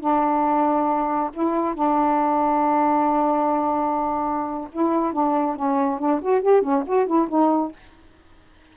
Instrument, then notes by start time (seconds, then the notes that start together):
saxophone
0.00 D4
1.33 E4
1.75 D4
4.72 E4
5.13 D4
5.56 C#4
5.99 D4
6.22 F#4
6.42 G4
6.62 C#4
6.87 F#4
7.07 E4
7.29 D#4